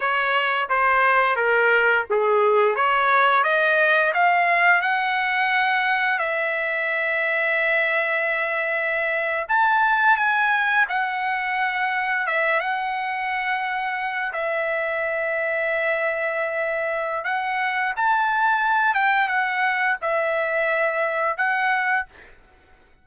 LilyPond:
\new Staff \with { instrumentName = "trumpet" } { \time 4/4 \tempo 4 = 87 cis''4 c''4 ais'4 gis'4 | cis''4 dis''4 f''4 fis''4~ | fis''4 e''2.~ | e''4.~ e''16 a''4 gis''4 fis''16~ |
fis''4.~ fis''16 e''8 fis''4.~ fis''16~ | fis''8. e''2.~ e''16~ | e''4 fis''4 a''4. g''8 | fis''4 e''2 fis''4 | }